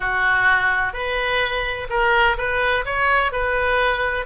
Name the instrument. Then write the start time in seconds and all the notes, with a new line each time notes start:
oboe
0.00 F#4
0.93 B4
1.89 A#4
2.37 B4
2.85 C#5
3.32 B4